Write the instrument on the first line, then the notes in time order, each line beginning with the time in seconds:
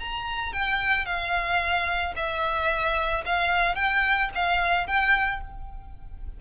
violin
0.00 A#5
0.53 G5
1.06 F5
2.16 E5
3.26 F5
3.76 G5
4.35 F5
4.87 G5